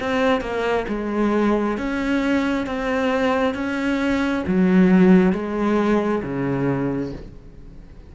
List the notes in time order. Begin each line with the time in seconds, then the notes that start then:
0.00 C4
0.41 A#3
0.88 G#3
1.77 C#4
2.66 C4
3.55 C#4
4.47 F#3
5.32 G#3
6.22 C#3